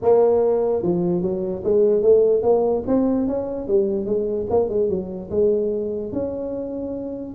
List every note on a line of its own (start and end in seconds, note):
0.01 0.82 A#3
0.82 1.22 F3
1.22 1.63 F#3
1.64 2.02 G#3
2.02 2.42 A3
2.42 2.83 A#3
2.87 3.27 C4
3.27 3.67 C#4
3.67 4.05 G3
4.05 4.46 G#3
4.50 4.69 A#3
4.69 4.89 G#3
4.89 5.29 F#3
5.30 6.12 G#3
6.12 7.34 C#4